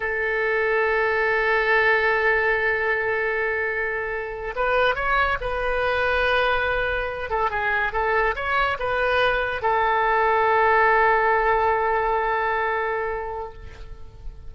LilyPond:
\new Staff \with { instrumentName = "oboe" } { \time 4/4 \tempo 4 = 142 a'1~ | a'1~ | a'2~ a'8. b'4 cis''16~ | cis''8. b'2.~ b'16~ |
b'4~ b'16 a'8 gis'4 a'4 cis''16~ | cis''8. b'2 a'4~ a'16~ | a'1~ | a'1 | }